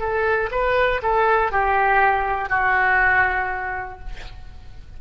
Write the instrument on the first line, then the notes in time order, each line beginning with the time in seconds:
oboe
0.00 A4
0.51 B4
1.02 A4
1.51 G4
2.50 F#4